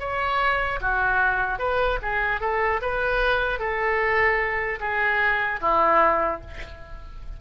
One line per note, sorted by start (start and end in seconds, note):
0.00 0.80 C#5
0.81 1.59 F#4
1.59 1.99 B4
2.03 2.41 G#4
2.41 2.81 A4
2.82 3.60 B4
3.60 4.80 A4
4.80 5.60 G#4
5.61 6.41 E4